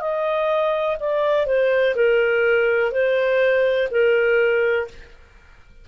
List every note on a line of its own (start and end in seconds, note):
0.00 0.97 D#5
1.00 1.46 D5
1.46 1.94 C5
1.95 2.92 A#4
2.92 3.88 C5
3.91 4.88 A#4